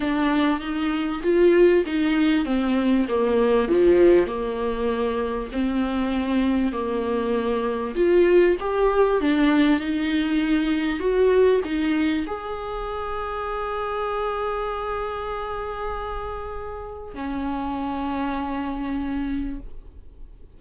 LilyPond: \new Staff \with { instrumentName = "viola" } { \time 4/4 \tempo 4 = 98 d'4 dis'4 f'4 dis'4 | c'4 ais4 f4 ais4~ | ais4 c'2 ais4~ | ais4 f'4 g'4 d'4 |
dis'2 fis'4 dis'4 | gis'1~ | gis'1 | cis'1 | }